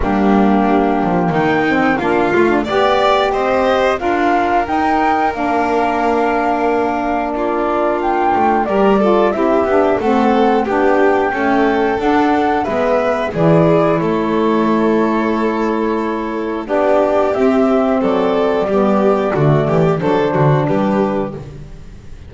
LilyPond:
<<
  \new Staff \with { instrumentName = "flute" } { \time 4/4 \tempo 4 = 90 g'2 g''4 f''4 | d''4 dis''4 f''4 g''4 | f''2. d''4 | g''4 d''4 e''4 fis''4 |
g''2 fis''4 e''4 | d''4 cis''2.~ | cis''4 d''4 e''4 d''4~ | d''2 c''4 b'4 | }
  \new Staff \with { instrumentName = "violin" } { \time 4/4 d'2 dis'4 f'4 | d''4 c''4 ais'2~ | ais'2. f'4~ | f'4 ais'8 a'8 g'4 a'4 |
g'4 a'2 b'4 | gis'4 a'2.~ | a'4 g'2 a'4 | g'4 fis'8 g'8 a'8 fis'8 g'4 | }
  \new Staff \with { instrumentName = "saxophone" } { \time 4/4 ais2~ ais8 c'8 d'8 f'16 d'16 | g'2 f'4 dis'4 | d'1~ | d'4 g'8 f'8 e'8 d'8 c'4 |
d'4 a4 d'4 b4 | e'1~ | e'4 d'4 c'2 | b4 a4 d'2 | }
  \new Staff \with { instrumentName = "double bass" } { \time 4/4 g4. f8 dis4 ais8 a8 | b4 c'4 d'4 dis'4 | ais1~ | ais8 a8 g4 c'8 b8 a4 |
b4 cis'4 d'4 gis4 | e4 a2.~ | a4 b4 c'4 fis4 | g4 d8 e8 fis8 d8 g4 | }
>>